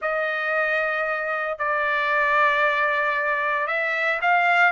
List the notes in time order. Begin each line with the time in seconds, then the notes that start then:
0.01 D#5
1.58 D5
3.67 E5
4.21 F5